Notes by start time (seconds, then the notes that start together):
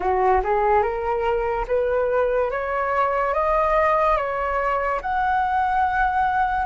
0.00 F#4
0.43 G#4
0.82 A#4
1.67 B4
2.50 C#5
3.33 D#5
4.17 C#5
5.02 F#5